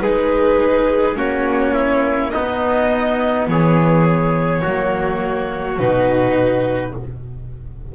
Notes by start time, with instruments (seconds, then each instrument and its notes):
0.00 double bass G#3, viola D#4, trumpet G#4, violin B4
1.16 double bass A#3, viola C#4, trumpet F#4, violin C#5
1.74 trumpet E4
2.31 viola B3, double bass B3, trumpet D#4, violin D#5
3.48 double bass E3, trumpet G#4, violin C#5
4.62 double bass F#3, viola A#3, trumpet F#4
5.79 double bass B2, viola D#4, violin B4